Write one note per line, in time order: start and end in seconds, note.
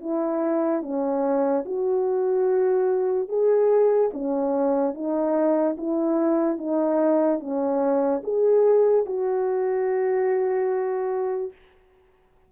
0.00 0.82 E4
0.82 1.64 C#4
1.66 3.28 F#4
3.28 4.11 G#4
4.13 4.94 C#4
4.94 5.76 D#4
5.78 6.58 E4
6.58 7.40 D#4
7.40 8.22 C#4
8.23 9.06 G#4
9.06 11.52 F#4